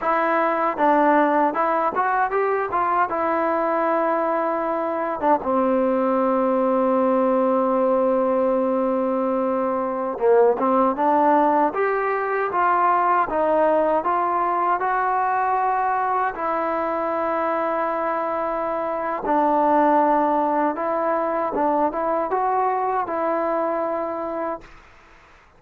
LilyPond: \new Staff \with { instrumentName = "trombone" } { \time 4/4 \tempo 4 = 78 e'4 d'4 e'8 fis'8 g'8 f'8 | e'2~ e'8. d'16 c'4~ | c'1~ | c'4~ c'16 ais8 c'8 d'4 g'8.~ |
g'16 f'4 dis'4 f'4 fis'8.~ | fis'4~ fis'16 e'2~ e'8.~ | e'4 d'2 e'4 | d'8 e'8 fis'4 e'2 | }